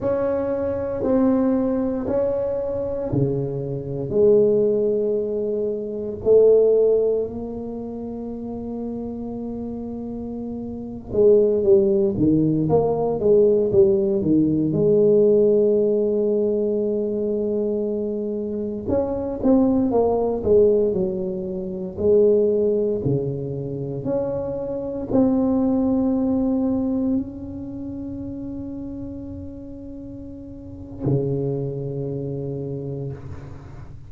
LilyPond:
\new Staff \with { instrumentName = "tuba" } { \time 4/4 \tempo 4 = 58 cis'4 c'4 cis'4 cis4 | gis2 a4 ais4~ | ais2~ ais8. gis8 g8 dis16~ | dis16 ais8 gis8 g8 dis8 gis4.~ gis16~ |
gis2~ gis16 cis'8 c'8 ais8 gis16~ | gis16 fis4 gis4 cis4 cis'8.~ | cis'16 c'2 cis'4.~ cis'16~ | cis'2 cis2 | }